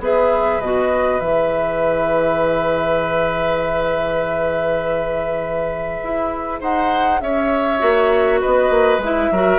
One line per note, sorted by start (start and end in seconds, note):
0.00 0.60 B3
0.00 0.62 G#4
0.00 6.61 B4
0.00 0.61 E5
0.61 1.21 B2
0.61 1.19 F#4
0.61 1.21 D#5
1.19 6.01 E3
1.19 7.79 G#4
1.19 6.61 E5
6.04 6.62 E4
6.61 7.22 D#4
6.61 7.21 C5
6.61 7.21 F#5
7.21 7.82 C#4
7.21 8.41 C#5
7.21 8.41 E5
7.79 8.42 A#3
7.79 9.00 F#4
8.41 8.70 B3
8.41 9.31 B4
8.41 9.02 D#5
8.70 8.99 A#3
8.99 9.29 G#3
8.99 9.34 E4
8.99 9.59 E5
9.32 9.59 F#3
9.32 9.59 F#4
9.32 9.59 A#4